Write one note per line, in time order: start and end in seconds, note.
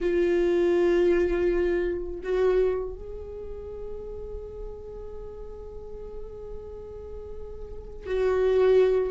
0.00 2.20 F4
2.23 2.94 F#4
2.94 8.06 G#4
8.06 9.11 F#4